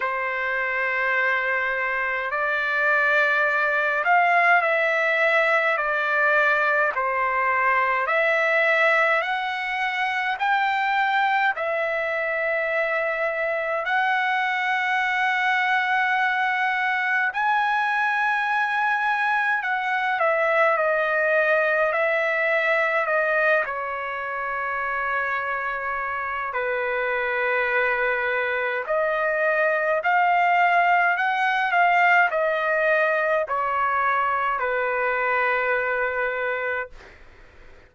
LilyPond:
\new Staff \with { instrumentName = "trumpet" } { \time 4/4 \tempo 4 = 52 c''2 d''4. f''8 | e''4 d''4 c''4 e''4 | fis''4 g''4 e''2 | fis''2. gis''4~ |
gis''4 fis''8 e''8 dis''4 e''4 | dis''8 cis''2~ cis''8 b'4~ | b'4 dis''4 f''4 fis''8 f''8 | dis''4 cis''4 b'2 | }